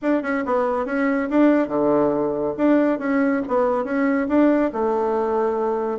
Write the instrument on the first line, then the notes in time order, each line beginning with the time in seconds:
bassoon
0.02 D4
0.22 C#4
0.45 B3
0.85 C#4
1.30 D4
1.68 D3
2.57 D4
2.99 C#4
3.47 B3
3.84 C#4
4.28 D4
4.72 A3